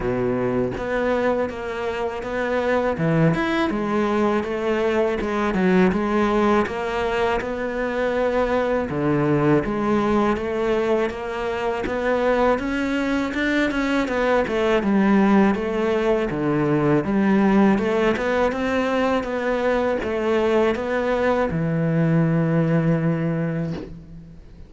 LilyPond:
\new Staff \with { instrumentName = "cello" } { \time 4/4 \tempo 4 = 81 b,4 b4 ais4 b4 | e8 e'8 gis4 a4 gis8 fis8 | gis4 ais4 b2 | d4 gis4 a4 ais4 |
b4 cis'4 d'8 cis'8 b8 a8 | g4 a4 d4 g4 | a8 b8 c'4 b4 a4 | b4 e2. | }